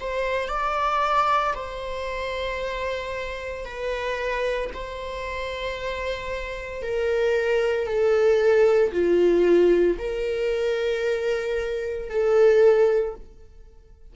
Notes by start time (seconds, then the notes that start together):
0.00 C5
0.48 D5
1.54 C5
3.65 B4
4.73 C5
6.82 A#4
7.86 A4
8.92 F4
9.98 A#4
12.09 A4